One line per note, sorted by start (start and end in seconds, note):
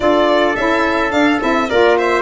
0.00 0.55 D4
0.00 0.54 F4
0.00 1.69 A4
0.00 0.55 D5
0.55 1.12 C#4
0.55 1.09 E4
0.55 1.11 E5
1.09 1.37 D4
1.09 1.40 D4
1.09 1.39 F5
1.39 1.70 C4
1.39 1.67 E4
1.39 1.69 E5
1.69 2.21 A#3
1.69 2.21 F4
1.69 1.97 A#4
1.69 1.97 D5
1.98 2.21 C5
1.98 2.21 E5